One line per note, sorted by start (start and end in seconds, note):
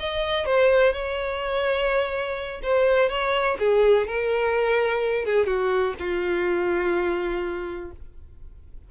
0.00 0.46 D#5
0.46 0.93 C5
0.93 2.61 C#5
2.63 3.10 C5
3.10 3.58 C#5
3.60 4.08 G#4
4.08 5.26 A#4
5.26 5.47 G#4
5.47 5.95 F#4
6.00 7.92 F4